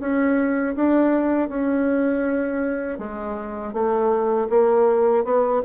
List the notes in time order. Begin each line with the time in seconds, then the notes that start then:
0.00 C#4
0.75 D4
1.49 C#4
2.98 G#3
3.73 A3
4.50 A#3
5.24 B3